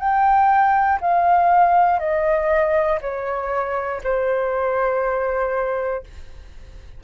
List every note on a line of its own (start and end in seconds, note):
0.00 1.00 G5
1.01 2.00 F5
2.00 3.00 D#5
3.02 4.02 C#5
4.04 6.04 C5